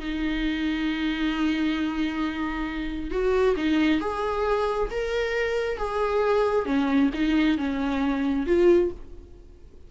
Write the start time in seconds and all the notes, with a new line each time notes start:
0.00 D#4
3.11 F#4
3.57 D#4
4.01 G#4
4.91 A#4
5.78 G#4
6.66 C#4
7.14 D#4
7.58 C#4
8.47 F4